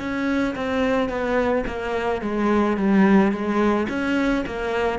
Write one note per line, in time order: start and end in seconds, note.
0.00 0.56 C#4
0.56 1.09 C4
1.09 1.65 B3
1.67 2.22 A#3
2.22 2.77 G#3
2.78 3.32 G3
3.32 3.88 G#3
3.89 4.45 C#4
4.47 4.99 A#3